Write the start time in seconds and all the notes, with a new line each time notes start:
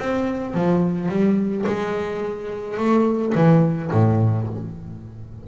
0.00 C4
0.55 F3
1.09 G3
1.67 G#3
2.78 A3
3.35 E3
3.92 A2